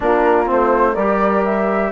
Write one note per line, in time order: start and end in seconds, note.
0.00 0.50 A#3
0.00 0.46 D4
0.00 0.94 F4
0.00 0.50 A#4
0.46 0.96 A3
0.46 0.94 C4
0.46 0.95 C5
0.94 1.92 G3
0.94 1.92 G4
0.94 1.90 A#4
0.94 1.43 D5
1.44 1.92 E5